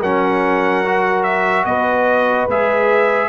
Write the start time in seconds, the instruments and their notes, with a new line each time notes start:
0.00 tuba F#3, trombone C#4, horn A#4, trumpet F#5
0.85 trombone F#4
1.23 trumpet E5
1.65 tuba B3, horn B4, trumpet D#5
2.48 tuba G#3, trombone G#4, trumpet E5